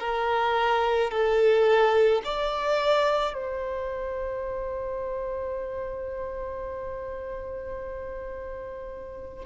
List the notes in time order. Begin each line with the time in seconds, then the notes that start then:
0.00 A#4
1.11 A4
2.25 D5
3.34 C5